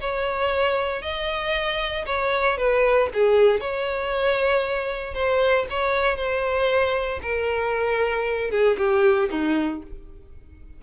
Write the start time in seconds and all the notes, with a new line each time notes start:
0.00 C#5
1.02 D#5
2.05 C#5
2.57 B4
3.13 G#4
3.60 C#5
5.14 C5
5.70 C#5
6.16 C5
7.22 A#4
8.51 G#4
8.77 G4
9.30 D#4